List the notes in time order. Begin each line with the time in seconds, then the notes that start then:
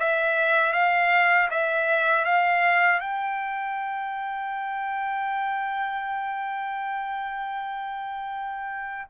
0.00 E5
0.73 F5
1.51 E5
2.25 F5
3.00 G5